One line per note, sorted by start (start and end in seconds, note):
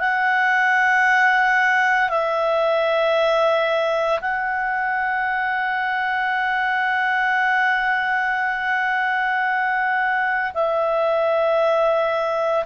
0.00 2.09 F#5
2.09 4.20 E5
4.21 10.53 F#5
10.54 12.65 E5